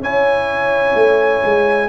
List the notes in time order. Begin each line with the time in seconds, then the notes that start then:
0.00 C#4 E4 C#5 G#5
0.95 A3
1.44 G#3